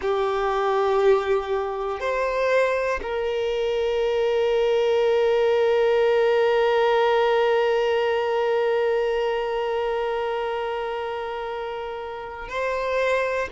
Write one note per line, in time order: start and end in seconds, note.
0.01 2.00 G4
2.00 3.00 C5
3.02 12.48 A#4
12.48 13.48 C5